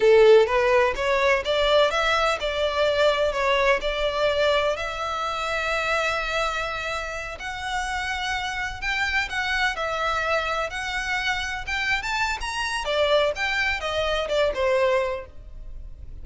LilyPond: \new Staff \with { instrumentName = "violin" } { \time 4/4 \tempo 4 = 126 a'4 b'4 cis''4 d''4 | e''4 d''2 cis''4 | d''2 e''2~ | e''2.~ e''8 fis''8~ |
fis''2~ fis''8 g''4 fis''8~ | fis''8 e''2 fis''4.~ | fis''8 g''8. a''8. ais''4 d''4 | g''4 dis''4 d''8 c''4. | }